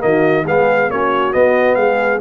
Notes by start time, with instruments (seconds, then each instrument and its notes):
0.00 tuba D#3, trombone A#3, horn F#4, trumpet D#5
0.45 tuba G#3, trombone B3, horn G#4, trumpet F5
0.90 tuba A#3, trombone C#4, horn F#4, trumpet C#5
1.33 trombone B3, tuba B3, trumpet D#5
1.75 tuba G#3, horn G#4, trumpet F5